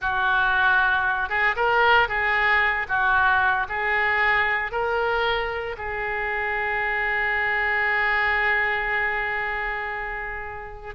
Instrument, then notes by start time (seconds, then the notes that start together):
oboe
0.01 F#4
1.29 G#4
1.56 A#4
2.08 G#4
2.88 F#4
3.68 G#4
4.71 A#4
5.77 G#4